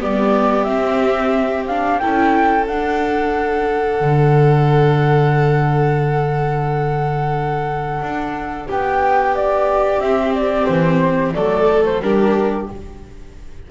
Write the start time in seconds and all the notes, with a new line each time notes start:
0.00 G3 B3 G4 D5
0.63 C4 E5
1.66 D4 F5
1.99 C#4 E4 A4 G5
2.67 D4 F#5
4.00 D3
8.01 D4
8.67 B3 G4 G5
9.36 D5
9.98 C4 E5
10.35 D5
10.66 E3 C5
11.34 F#3 A3 A4 D5
11.85 C5
12.00 G3 D4 G4 A#4